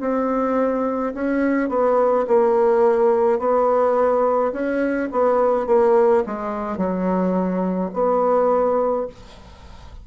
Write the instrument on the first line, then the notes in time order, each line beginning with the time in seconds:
bassoon
0.00 C4
1.14 C#4
1.69 B3
2.27 A#3
3.39 B3
4.52 C#4
5.11 B3
5.66 A#3
6.26 G#3
6.77 F#3
7.93 B3